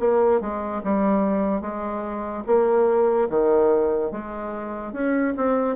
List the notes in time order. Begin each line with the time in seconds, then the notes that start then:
0.00 A#3
0.41 G#3
0.84 G3
1.62 G#3
2.47 A#3
3.30 D#3
4.12 G#3
4.93 C#4
5.37 C4